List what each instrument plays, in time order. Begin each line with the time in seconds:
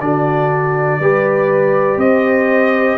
0.00 tuba D3, trombone D4, horn F#4, trumpet D5
0.99 tuba G3, trombone G4, horn B4
1.97 tuba C4, horn C5, trumpet D#5